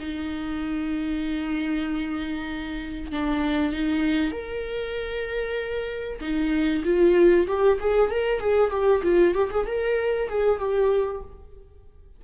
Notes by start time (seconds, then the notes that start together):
0.00 D#4
3.12 D4
3.73 D#4
4.32 A#4
6.21 D#4
6.85 F4
7.48 G4
7.80 G#4
8.11 A#4
8.40 G#4
8.71 G4
9.03 F4
9.35 G4
9.51 G#4
9.67 A#4
10.29 G#4
10.59 G4